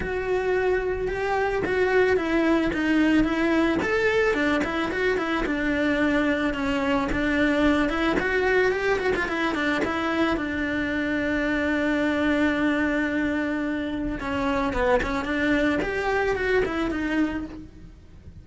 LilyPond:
\new Staff \with { instrumentName = "cello" } { \time 4/4 \tempo 4 = 110 fis'2 g'4 fis'4 | e'4 dis'4 e'4 a'4 | d'8 e'8 fis'8 e'8 d'2 | cis'4 d'4. e'8 fis'4 |
g'8 fis'16 f'16 e'8 d'8 e'4 d'4~ | d'1~ | d'2 cis'4 b8 cis'8 | d'4 g'4 fis'8 e'8 dis'4 | }